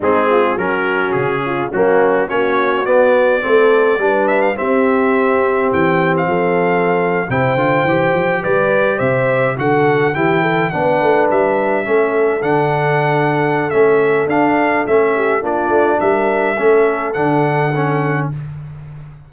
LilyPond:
<<
  \new Staff \with { instrumentName = "trumpet" } { \time 4/4 \tempo 4 = 105 gis'4 ais'4 gis'4 fis'4 | cis''4 d''2~ d''8 e''16 f''16 | e''2 g''8. f''4~ f''16~ | f''8. g''2 d''4 e''16~ |
e''8. fis''4 g''4 fis''4 e''16~ | e''4.~ e''16 fis''2~ fis''16 | e''4 f''4 e''4 d''4 | e''2 fis''2 | }
  \new Staff \with { instrumentName = "horn" } { \time 4/4 dis'8 f'8 fis'4. f'8 cis'4 | fis'2 a'4 b'4 | g'2. a'4~ | a'8. c''2 b'4 c''16~ |
c''8. a'4 g'8 a'8 b'4~ b'16~ | b'8. a'2.~ a'16~ | a'2~ a'8 g'8 f'4 | ais'4 a'2. | }
  \new Staff \with { instrumentName = "trombone" } { \time 4/4 c'4 cis'2 ais4 | cis'4 b4 c'4 d'4 | c'1~ | c'8. e'8 f'8 g'2~ g'16~ |
g'8. fis'4 e'4 d'4~ d'16~ | d'8. cis'4 d'2~ d'16 | cis'4 d'4 cis'4 d'4~ | d'4 cis'4 d'4 cis'4 | }
  \new Staff \with { instrumentName = "tuba" } { \time 4/4 gis4 fis4 cis4 fis4 | ais4 b4 a4 g4 | c'2 e4 f4~ | f8. c8 d8 e8 f8 g4 c16~ |
c8. d4 e4 b8 a8 g16~ | g8. a4 d2~ d16 | a4 d'4 a4 ais8 a8 | g4 a4 d2 | }
>>